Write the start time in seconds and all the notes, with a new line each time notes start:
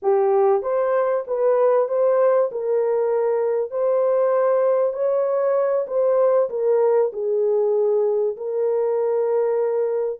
0.02 G4
0.62 C5
1.27 B4
1.88 C5
2.51 A#4
3.70 C5
4.93 C#5
5.87 C5
6.49 A#4
7.12 G#4
8.37 A#4